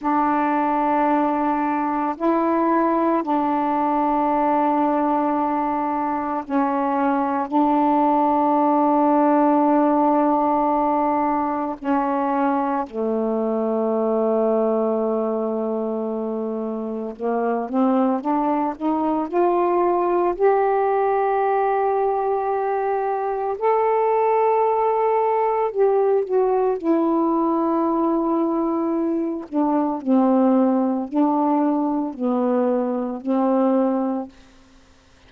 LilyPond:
\new Staff \with { instrumentName = "saxophone" } { \time 4/4 \tempo 4 = 56 d'2 e'4 d'4~ | d'2 cis'4 d'4~ | d'2. cis'4 | a1 |
ais8 c'8 d'8 dis'8 f'4 g'4~ | g'2 a'2 | g'8 fis'8 e'2~ e'8 d'8 | c'4 d'4 b4 c'4 | }